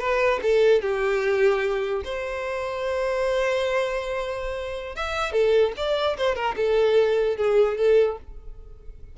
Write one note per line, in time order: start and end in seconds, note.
0.00 0.40 B4
0.43 0.82 A4
0.82 2.03 G4
2.05 4.96 C5
4.96 5.33 E5
5.33 5.73 A4
5.77 6.17 D5
6.18 6.36 C5
6.36 6.56 A#4
6.57 7.37 A4
7.37 7.78 G#4
7.78 8.18 A4